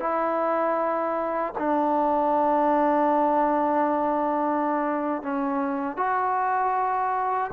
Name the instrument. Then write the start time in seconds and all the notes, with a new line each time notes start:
trombone
0.00 E4
1.58 D4
5.22 C#4
5.97 F#4